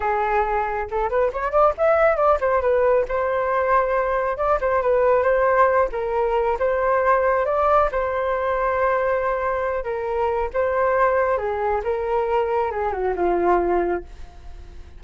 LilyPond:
\new Staff \with { instrumentName = "flute" } { \time 4/4 \tempo 4 = 137 gis'2 a'8 b'8 cis''8 d''8 | e''4 d''8 c''8 b'4 c''4~ | c''2 d''8 c''8 b'4 | c''4. ais'4. c''4~ |
c''4 d''4 c''2~ | c''2~ c''8 ais'4. | c''2 gis'4 ais'4~ | ais'4 gis'8 fis'8 f'2 | }